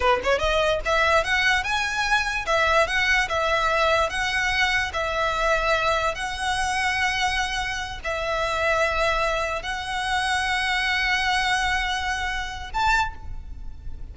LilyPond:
\new Staff \with { instrumentName = "violin" } { \time 4/4 \tempo 4 = 146 b'8 cis''8 dis''4 e''4 fis''4 | gis''2 e''4 fis''4 | e''2 fis''2 | e''2. fis''4~ |
fis''2.~ fis''8 e''8~ | e''2.~ e''8 fis''8~ | fis''1~ | fis''2. a''4 | }